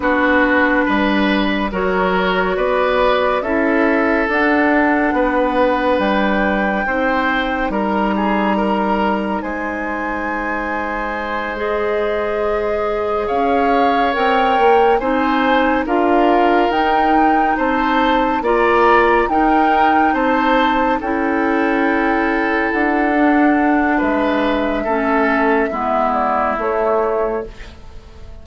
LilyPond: <<
  \new Staff \with { instrumentName = "flute" } { \time 4/4 \tempo 4 = 70 b'2 cis''4 d''4 | e''4 fis''2 g''4~ | g''4 ais''2 gis''4~ | gis''4. dis''2 f''8~ |
f''8 g''4 gis''4 f''4 g''8~ | g''8 a''4 ais''4 g''4 a''8~ | a''8 g''2 fis''4. | e''2~ e''8 d''8 cis''4 | }
  \new Staff \with { instrumentName = "oboe" } { \time 4/4 fis'4 b'4 ais'4 b'4 | a'2 b'2 | c''4 ais'8 gis'8 ais'4 c''4~ | c''2.~ c''8 cis''8~ |
cis''4. c''4 ais'4.~ | ais'8 c''4 d''4 ais'4 c''8~ | c''8 a'2.~ a'8 | b'4 a'4 e'2 | }
  \new Staff \with { instrumentName = "clarinet" } { \time 4/4 d'2 fis'2 | e'4 d'2. | dis'1~ | dis'4. gis'2~ gis'8~ |
gis'8 ais'4 dis'4 f'4 dis'8~ | dis'4. f'4 dis'4.~ | dis'8 e'2~ e'8 d'4~ | d'4 cis'4 b4 a4 | }
  \new Staff \with { instrumentName = "bassoon" } { \time 4/4 b4 g4 fis4 b4 | cis'4 d'4 b4 g4 | c'4 g2 gis4~ | gis2.~ gis8 cis'8~ |
cis'8 c'8 ais8 c'4 d'4 dis'8~ | dis'8 c'4 ais4 dis'4 c'8~ | c'8 cis'2 d'4. | gis4 a4 gis4 a4 | }
>>